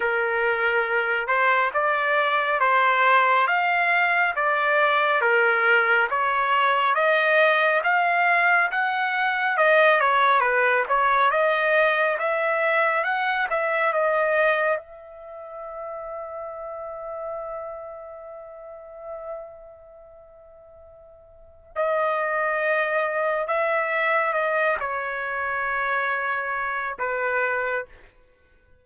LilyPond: \new Staff \with { instrumentName = "trumpet" } { \time 4/4 \tempo 4 = 69 ais'4. c''8 d''4 c''4 | f''4 d''4 ais'4 cis''4 | dis''4 f''4 fis''4 dis''8 cis''8 | b'8 cis''8 dis''4 e''4 fis''8 e''8 |
dis''4 e''2.~ | e''1~ | e''4 dis''2 e''4 | dis''8 cis''2~ cis''8 b'4 | }